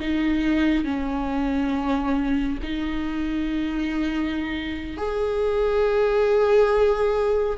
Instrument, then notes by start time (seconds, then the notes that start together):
viola
0.00 D#4
0.85 C#4
2.63 D#4
4.97 G#4